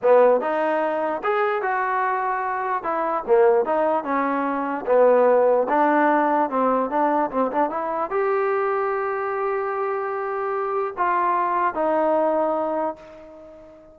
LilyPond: \new Staff \with { instrumentName = "trombone" } { \time 4/4 \tempo 4 = 148 b4 dis'2 gis'4 | fis'2. e'4 | ais4 dis'4 cis'2 | b2 d'2 |
c'4 d'4 c'8 d'8 e'4 | g'1~ | g'2. f'4~ | f'4 dis'2. | }